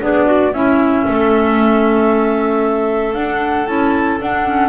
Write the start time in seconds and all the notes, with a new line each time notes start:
0.00 B3 D4 G#4 D5
0.26 F#4
0.53 C#4 E4 E5
1.08 A3 A4
3.15 D4 F#5
3.67 C#4 E4 A5
4.21 D4 F#5
4.47 C#4